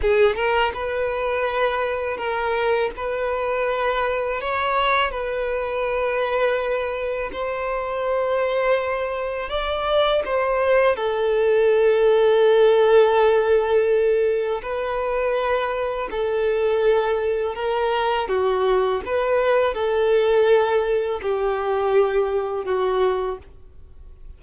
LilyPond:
\new Staff \with { instrumentName = "violin" } { \time 4/4 \tempo 4 = 82 gis'8 ais'8 b'2 ais'4 | b'2 cis''4 b'4~ | b'2 c''2~ | c''4 d''4 c''4 a'4~ |
a'1 | b'2 a'2 | ais'4 fis'4 b'4 a'4~ | a'4 g'2 fis'4 | }